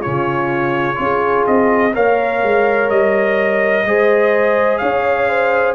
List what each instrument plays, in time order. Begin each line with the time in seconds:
0.00 tuba C#3, trombone C#4, horn F4, trumpet C#5
0.95 tuba C#4, trombone F4
1.02 horn G#4
1.47 tuba C4, trumpet D#5
1.94 tuba A#3, trombone A#4, horn C#5, trumpet F5
2.43 tuba G#3
2.90 tuba G3, trumpet D#5
3.85 tuba G#3, trombone G#4, horn C5
4.78 tuba C#4, horn C#5, trumpet F5
5.29 horn C5